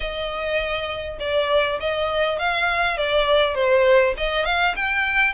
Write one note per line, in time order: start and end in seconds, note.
0.00 1.18 D#5
1.19 1.79 D5
1.80 2.38 D#5
2.38 2.97 F5
2.97 3.55 D5
3.55 4.14 C5
4.17 4.45 D#5
4.45 4.74 F5
4.76 5.33 G5